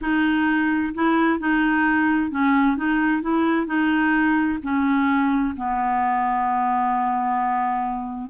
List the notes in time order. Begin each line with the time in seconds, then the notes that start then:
0.01 D#4
0.94 E4
1.38 D#4
2.31 C#4
2.77 D#4
3.22 E4
3.66 D#4
4.62 C#4
5.56 B3